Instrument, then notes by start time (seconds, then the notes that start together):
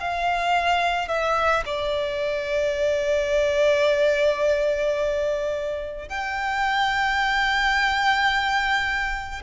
violin
0.00 F5
1.08 E5
1.66 D5
6.09 G5